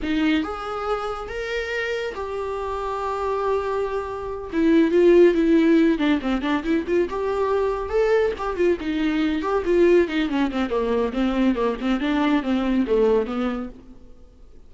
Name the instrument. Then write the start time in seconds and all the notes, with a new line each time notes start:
viola
0.02 D#4
0.43 G#4
1.28 A#4
2.14 G4
4.53 E4
4.91 F4
5.34 E4
5.98 D4
6.21 C4
6.41 D4
6.63 E4
6.87 F4
7.09 G4
7.89 A4
8.37 G4
8.56 F4
8.80 D#4
9.41 G4
9.65 F4
10.08 D#4
10.29 C#4
10.51 C4
10.69 A#3
11.13 C4
11.55 A#3
11.81 C4
12.00 D4
12.42 C4
12.86 A3
13.26 B3